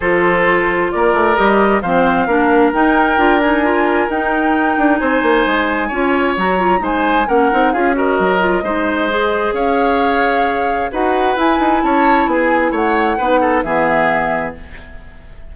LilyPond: <<
  \new Staff \with { instrumentName = "flute" } { \time 4/4 \tempo 4 = 132 c''2 d''4 dis''4 | f''2 g''4. gis''8~ | gis''4 g''2 gis''4~ | gis''2 ais''4 gis''4 |
fis''4 f''8 dis''2~ dis''8~ | dis''4 f''2. | fis''4 gis''4 a''4 gis''4 | fis''2 e''2 | }
  \new Staff \with { instrumentName = "oboe" } { \time 4/4 a'2 ais'2 | c''4 ais'2.~ | ais'2. c''4~ | c''4 cis''2 c''4 |
ais'4 gis'8 ais'4. c''4~ | c''4 cis''2. | b'2 cis''4 gis'4 | cis''4 b'8 a'8 gis'2 | }
  \new Staff \with { instrumentName = "clarinet" } { \time 4/4 f'2. g'4 | c'4 d'4 dis'4 f'8 dis'8 | f'4 dis'2.~ | dis'4 f'4 fis'8 f'8 dis'4 |
cis'8 dis'8 f'8 fis'4 f'8 dis'4 | gis'1 | fis'4 e'2.~ | e'4 dis'4 b2 | }
  \new Staff \with { instrumentName = "bassoon" } { \time 4/4 f2 ais8 a8 g4 | f4 ais4 dis'4 d'4~ | d'4 dis'4. d'8 c'8 ais8 | gis4 cis'4 fis4 gis4 |
ais8 c'8 cis'4 fis4 gis4~ | gis4 cis'2. | dis'4 e'8 dis'8 cis'4 b4 | a4 b4 e2 | }
>>